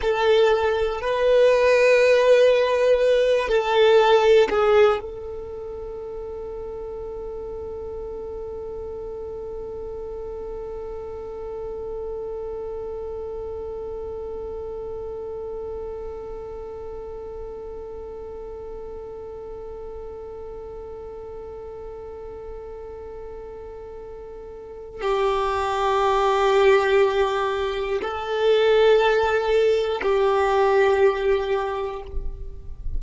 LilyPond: \new Staff \with { instrumentName = "violin" } { \time 4/4 \tempo 4 = 60 a'4 b'2~ b'8 a'8~ | a'8 gis'8 a'2.~ | a'1~ | a'1~ |
a'1~ | a'1~ | a'4 g'2. | a'2 g'2 | }